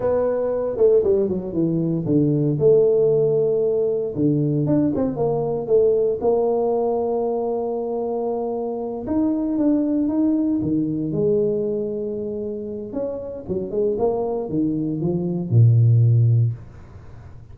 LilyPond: \new Staff \with { instrumentName = "tuba" } { \time 4/4 \tempo 4 = 116 b4. a8 g8 fis8 e4 | d4 a2. | d4 d'8 c'8 ais4 a4 | ais1~ |
ais4. dis'4 d'4 dis'8~ | dis'8 dis4 gis2~ gis8~ | gis4 cis'4 fis8 gis8 ais4 | dis4 f4 ais,2 | }